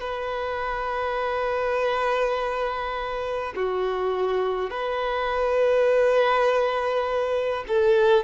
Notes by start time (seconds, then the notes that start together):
0.00 B4
3.56 F#4
4.70 B4
7.67 A4